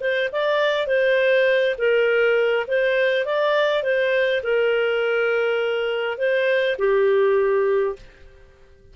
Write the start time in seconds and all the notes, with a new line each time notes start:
0.00 C5
0.32 D5
0.87 C5
1.78 A#4
2.68 C5
3.25 D5
3.83 C5
4.43 A#4
6.18 C5
6.78 G4